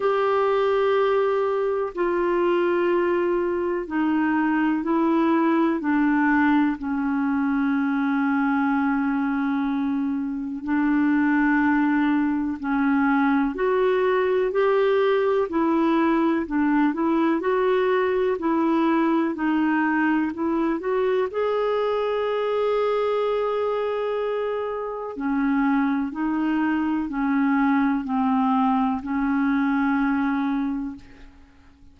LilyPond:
\new Staff \with { instrumentName = "clarinet" } { \time 4/4 \tempo 4 = 62 g'2 f'2 | dis'4 e'4 d'4 cis'4~ | cis'2. d'4~ | d'4 cis'4 fis'4 g'4 |
e'4 d'8 e'8 fis'4 e'4 | dis'4 e'8 fis'8 gis'2~ | gis'2 cis'4 dis'4 | cis'4 c'4 cis'2 | }